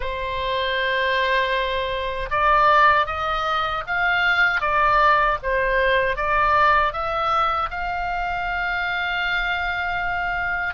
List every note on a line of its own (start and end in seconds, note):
0.00 2.29 C5
2.30 3.06 D5
3.06 3.83 D#5
3.86 4.60 F5
4.60 5.37 D5
5.42 6.16 C5
6.16 6.92 D5
6.92 7.69 E5
7.70 10.74 F5